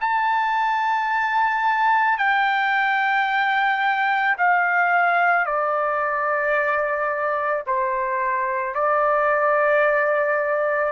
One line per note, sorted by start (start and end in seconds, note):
0.00 2.18 A5
2.18 4.36 G5
4.37 5.45 F5
5.45 7.63 D5
7.66 8.74 C5
8.74 10.92 D5